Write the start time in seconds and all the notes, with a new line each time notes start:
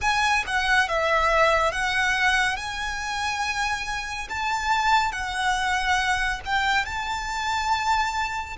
0.01 G#5
0.46 F#5
0.88 E5
1.71 F#5
2.56 G#5
4.29 A5
5.12 F#5
6.45 G5
6.85 A5